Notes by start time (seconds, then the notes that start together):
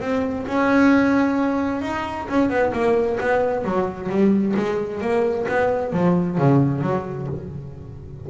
0.00 C4
0.46 C#4
1.81 D#4
2.28 C#4
2.49 B3
2.72 A#3
3.20 B3
3.64 F#3
4.09 G3
4.56 G#3
5.01 A#3
5.48 B3
5.93 F3
6.38 C#3
6.81 F#3